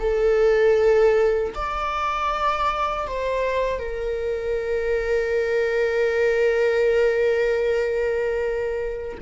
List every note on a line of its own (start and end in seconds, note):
0.00 1.54 A4
1.55 3.08 D5
3.08 3.80 C5
3.80 9.18 A#4